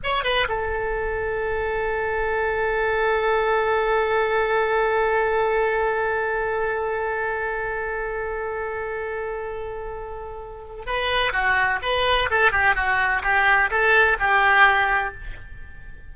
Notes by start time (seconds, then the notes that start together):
0.03 C#5
0.24 B4
0.48 A4
10.86 B4
11.32 F#4
11.82 B4
12.30 A4
12.51 G4
12.75 F#4
13.23 G4
13.70 A4
14.19 G4